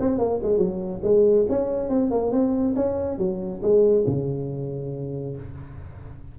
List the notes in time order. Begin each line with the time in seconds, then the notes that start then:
0.00 C4
0.19 A#3
0.43 G#3
0.58 F#3
1.03 G#3
1.49 C#4
1.89 C4
2.11 A#3
2.32 C4
2.76 C#4
3.18 F#3
3.62 G#3
4.07 C#3